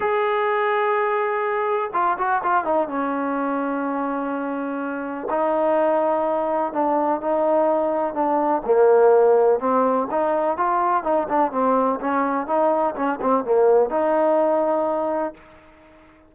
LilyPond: \new Staff \with { instrumentName = "trombone" } { \time 4/4 \tempo 4 = 125 gis'1 | f'8 fis'8 f'8 dis'8 cis'2~ | cis'2. dis'4~ | dis'2 d'4 dis'4~ |
dis'4 d'4 ais2 | c'4 dis'4 f'4 dis'8 d'8 | c'4 cis'4 dis'4 cis'8 c'8 | ais4 dis'2. | }